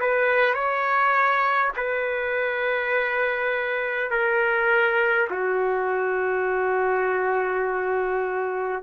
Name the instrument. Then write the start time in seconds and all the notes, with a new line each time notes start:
trumpet
0.00 B4
0.54 C#5
1.76 B4
4.11 A#4
5.30 F#4